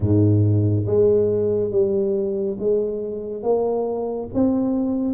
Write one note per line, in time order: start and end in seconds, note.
0.00 0.85 G#2
0.86 1.71 G#3
1.71 2.57 G3
2.59 3.42 G#3
3.42 4.28 A#3
4.34 5.14 C4